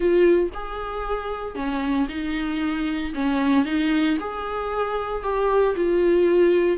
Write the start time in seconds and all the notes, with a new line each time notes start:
0.00 F4
0.54 G#4
1.55 C#4
2.09 D#4
3.14 C#4
3.65 D#4
4.20 G#4
5.23 G4
5.75 F4